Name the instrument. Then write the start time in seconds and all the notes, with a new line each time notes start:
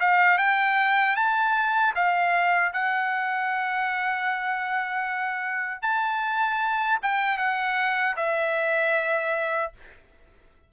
trumpet
0.00 F5
0.38 G5
1.16 A5
1.95 F5
2.73 F#5
5.82 A5
7.02 G5
7.37 F#5
8.16 E5